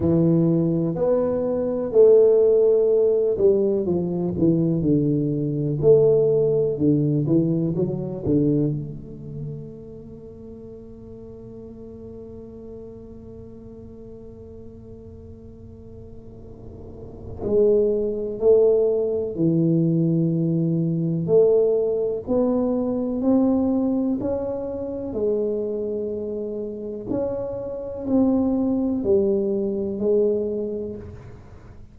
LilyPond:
\new Staff \with { instrumentName = "tuba" } { \time 4/4 \tempo 4 = 62 e4 b4 a4. g8 | f8 e8 d4 a4 d8 e8 | fis8 d8 a2.~ | a1~ |
a2 gis4 a4 | e2 a4 b4 | c'4 cis'4 gis2 | cis'4 c'4 g4 gis4 | }